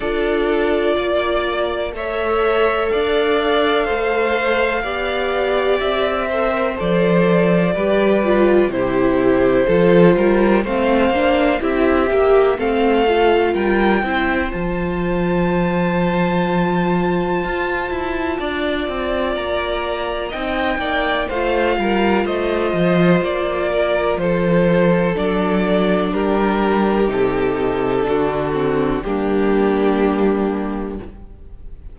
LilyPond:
<<
  \new Staff \with { instrumentName = "violin" } { \time 4/4 \tempo 4 = 62 d''2 e''4 f''4~ | f''2 e''4 d''4~ | d''4 c''2 f''4 | e''4 f''4 g''4 a''4~ |
a''1 | ais''4 g''4 f''4 dis''4 | d''4 c''4 d''4 ais'4 | a'2 g'2 | }
  \new Staff \with { instrumentName = "violin" } { \time 4/4 a'4 d''4 cis''4 d''4 | c''4 d''4. c''4. | b'4 g'4 a'8 ais'8 c''4 | g'4 a'4 ais'8 c''4.~ |
c''2. d''4~ | d''4 dis''8 d''8 c''8 ais'8 c''4~ | c''8 ais'8 a'2 g'4~ | g'4 fis'4 d'2 | }
  \new Staff \with { instrumentName = "viola" } { \time 4/4 f'2 a'2~ | a'4 g'4. a'16 ais'16 a'4 | g'8 f'8 e'4 f'4 c'8 d'8 | e'8 g'8 c'8 f'4 e'8 f'4~ |
f'1~ | f'4 dis'4 f'2~ | f'2 d'2 | dis'4 d'8 c'8 ais2 | }
  \new Staff \with { instrumentName = "cello" } { \time 4/4 d'4 ais4 a4 d'4 | a4 b4 c'4 f4 | g4 c4 f8 g8 a8 ais8 | c'8 ais8 a4 g8 c'8 f4~ |
f2 f'8 e'8 d'8 c'8 | ais4 c'8 ais8 a8 g8 a8 f8 | ais4 f4 fis4 g4 | c4 d4 g2 | }
>>